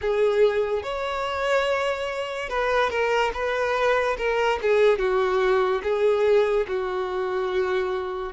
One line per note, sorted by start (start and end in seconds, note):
0.01 0.82 G#4
0.82 2.48 C#5
2.48 2.89 B4
2.89 3.31 A#4
3.33 4.17 B4
4.17 4.59 A#4
4.61 4.98 G#4
4.98 5.81 F#4
5.83 6.66 G#4
6.67 8.32 F#4